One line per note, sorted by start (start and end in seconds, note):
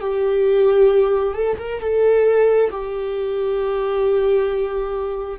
0.00 1.34 G4
1.34 1.56 A4
1.58 1.80 A#4
1.80 2.70 A4
2.70 5.39 G4